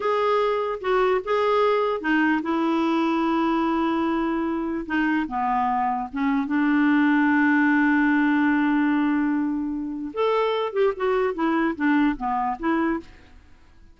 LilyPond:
\new Staff \with { instrumentName = "clarinet" } { \time 4/4 \tempo 4 = 148 gis'2 fis'4 gis'4~ | gis'4 dis'4 e'2~ | e'1 | dis'4 b2 cis'4 |
d'1~ | d'1~ | d'4 a'4. g'8 fis'4 | e'4 d'4 b4 e'4 | }